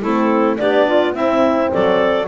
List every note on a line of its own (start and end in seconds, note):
0.00 0.58 A3
0.00 0.56 C4
0.00 0.57 E4
0.00 0.57 A4
0.56 1.14 B3
0.56 1.13 D4
0.56 0.87 G4
0.56 1.13 D5
0.87 1.15 F4
1.13 2.26 C4
1.13 1.71 C4
1.13 1.71 E4
1.13 1.71 E5
1.71 2.27 F#3
1.71 2.27 A4
1.71 2.27 D5